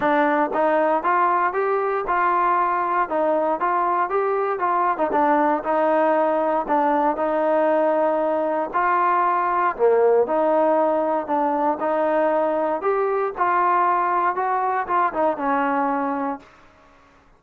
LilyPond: \new Staff \with { instrumentName = "trombone" } { \time 4/4 \tempo 4 = 117 d'4 dis'4 f'4 g'4 | f'2 dis'4 f'4 | g'4 f'8. dis'16 d'4 dis'4~ | dis'4 d'4 dis'2~ |
dis'4 f'2 ais4 | dis'2 d'4 dis'4~ | dis'4 g'4 f'2 | fis'4 f'8 dis'8 cis'2 | }